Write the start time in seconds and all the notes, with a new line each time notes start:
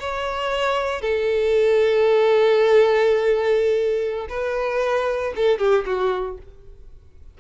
0.00 C#5
1.02 A4
4.29 B4
5.36 A4
5.59 G4
5.86 F#4